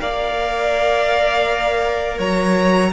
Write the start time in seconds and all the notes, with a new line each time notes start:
0.00 A#3 A#4 D5 F5
2.18 F#3 C#5 A#5